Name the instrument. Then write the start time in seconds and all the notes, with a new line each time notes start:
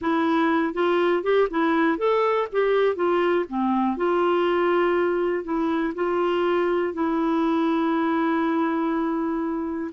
clarinet
0.01 E4
0.73 F4
1.23 G4
1.50 E4
1.97 A4
2.52 G4
2.95 F4
3.48 C4
3.96 F4
5.44 E4
5.94 F4
6.93 E4